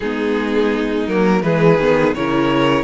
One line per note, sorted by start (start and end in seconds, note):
0.00 1.07 G#3
0.00 1.09 B3
0.00 1.44 D#4
0.00 1.06 G#4
1.07 1.43 F#3
1.07 1.42 A#3
1.07 1.42 A#4
1.42 1.78 E3
1.42 1.78 G#3
1.42 2.16 G#4
1.42 2.14 B4
1.78 2.14 D#3
1.78 2.16 B3
2.14 2.84 C#3
2.14 2.84 E4
2.14 2.84 A#4
2.14 2.84 C#5